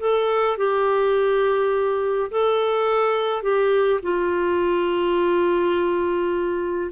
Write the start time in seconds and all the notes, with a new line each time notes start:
0.00 A4
0.58 G4
2.31 A4
3.43 G4
4.03 F4